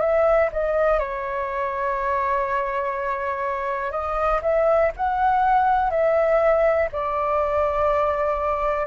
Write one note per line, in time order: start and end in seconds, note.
0.00 0.49 E5
0.52 0.99 D#5
0.99 3.91 C#5
3.91 4.40 D#5
4.42 4.91 E5
4.96 5.90 F#5
5.90 6.89 E5
6.92 8.86 D5